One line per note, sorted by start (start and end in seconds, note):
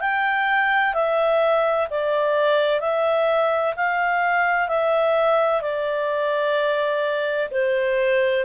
0.00 0.94 G5
0.94 1.87 E5
1.90 2.80 D5
2.80 3.74 E5
3.76 4.68 F5
4.68 5.61 E5
5.61 7.49 D5
7.51 8.44 C5